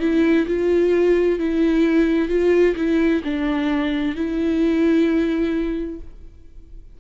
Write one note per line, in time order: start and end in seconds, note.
0.00 0.46 E4
0.47 1.39 F4
1.39 2.29 E4
2.29 2.75 F4
2.76 3.22 E4
3.23 4.15 D4
4.15 6.00 E4